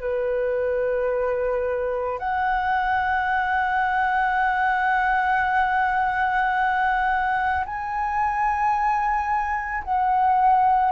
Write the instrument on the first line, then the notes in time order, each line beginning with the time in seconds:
flute
0.00 B4
2.19 F#5
7.65 G#5
9.84 F#5